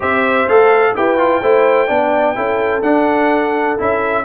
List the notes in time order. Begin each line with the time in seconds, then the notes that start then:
0.00 C4 G4 C5 E5
0.48 A3 A4 F5
0.95 E4 G4 B4 G5
1.18 F4
1.41 A3 E4 C5
1.87 B3 D4 D5
2.35 C#4 E4 A4
2.81 D4 F#5
3.78 C#4 E4 E5